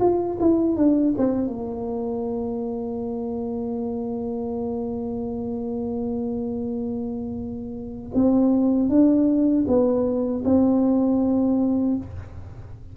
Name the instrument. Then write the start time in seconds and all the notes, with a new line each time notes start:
tuba
0.00 F4
0.40 E4
0.76 D4
1.17 C4
1.47 A#3
8.15 C4
8.89 D4
9.67 B3
10.45 C4